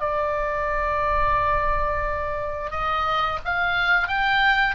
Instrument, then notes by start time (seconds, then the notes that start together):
oboe
0.00 D5
2.71 D#5
3.45 F5
4.08 G5